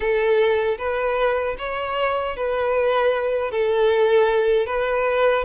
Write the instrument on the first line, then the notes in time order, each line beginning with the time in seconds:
violin
0.00 A4
0.78 B4
1.58 C#5
2.36 B4
3.51 A4
4.66 B4